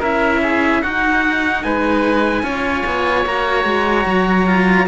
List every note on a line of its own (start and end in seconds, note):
0.00 0.84 C#4
0.00 0.83 E4
0.00 0.41 A#4
0.00 0.83 E5
0.43 0.82 G#4
0.82 2.44 D#4
0.82 1.64 D#4
0.82 1.64 F#4
0.82 1.64 F#5
1.64 2.43 G#3
1.64 2.44 B4
1.64 3.26 G#5
2.43 2.84 C#4
2.43 3.25 F4
2.43 4.87 C#5
2.87 3.26 B3
3.26 3.65 A#3
3.26 4.47 F#4
3.26 4.88 A#5
3.65 4.06 G#3
4.07 4.88 F#3
4.47 4.88 F4